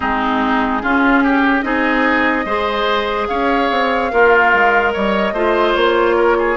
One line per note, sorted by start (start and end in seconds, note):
0.00 0.83 G#3
0.00 0.82 C4
0.00 0.82 D#4
0.00 1.61 G#4
0.82 1.62 C#4
0.82 1.63 C#4
0.82 1.23 F4
1.23 1.64 G4
1.61 2.45 C4
1.61 2.45 D#4
1.61 2.45 G#4
1.61 3.25 D#5
2.45 3.27 G#3
2.45 4.10 G#4
2.45 3.27 C5
3.27 3.70 C#4
3.27 4.11 C#5
3.27 4.92 F5
3.70 4.11 C4
4.10 4.53 A#3
4.10 4.93 F4
4.10 5.33 A#4
4.53 4.94 G#3
4.92 5.32 G3
4.92 5.33 C#5
4.92 5.75 D#5
5.32 5.73 A3
5.32 6.57 F4
5.32 6.15 C5
5.75 6.57 A#3
5.75 6.57 C#5
6.16 6.36 A#4
6.38 6.57 G#4